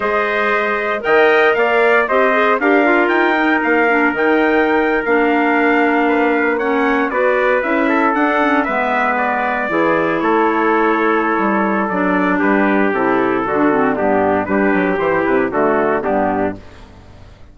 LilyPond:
<<
  \new Staff \with { instrumentName = "trumpet" } { \time 4/4 \tempo 4 = 116 dis''2 g''4 f''4 | dis''4 f''4 g''4 f''4 | g''4.~ g''16 f''2~ f''16~ | f''8. fis''4 d''4 e''4 fis''16~ |
fis''8. e''4 d''2 cis''16~ | cis''2. d''4 | b'4 a'2 g'4 | b'4 c''8 b'8 a'4 g'4 | }
  \new Staff \with { instrumentName = "trumpet" } { \time 4/4 c''2 dis''4 d''4 | c''4 ais'2.~ | ais'2.~ ais'8. b'16~ | b'8. cis''4 b'4. a'8.~ |
a'8. b'2 gis'4 a'16~ | a'1 | g'2 fis'4 d'4 | g'2 fis'4 d'4 | }
  \new Staff \with { instrumentName = "clarinet" } { \time 4/4 gis'2 ais'2 | g'8 gis'8 g'8 f'4 dis'4 d'8 | dis'4.~ dis'16 d'2~ d'16~ | d'8. cis'4 fis'4 e'4 d'16~ |
d'16 cis'8 b2 e'4~ e'16~ | e'2. d'4~ | d'4 e'4 d'8 c'8 b4 | d'4 e'4 a4 b4 | }
  \new Staff \with { instrumentName = "bassoon" } { \time 4/4 gis2 dis4 ais4 | c'4 d'4 dis'4 ais4 | dis4.~ dis16 ais2~ ais16~ | ais4.~ ais16 b4 cis'4 d'16~ |
d'8. gis2 e4 a16~ | a2 g4 fis4 | g4 c4 d4 g,4 | g8 fis8 e8 c8 d4 g,4 | }
>>